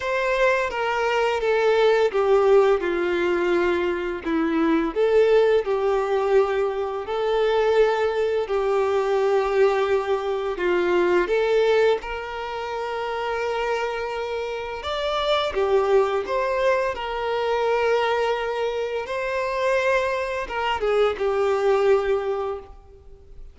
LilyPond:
\new Staff \with { instrumentName = "violin" } { \time 4/4 \tempo 4 = 85 c''4 ais'4 a'4 g'4 | f'2 e'4 a'4 | g'2 a'2 | g'2. f'4 |
a'4 ais'2.~ | ais'4 d''4 g'4 c''4 | ais'2. c''4~ | c''4 ais'8 gis'8 g'2 | }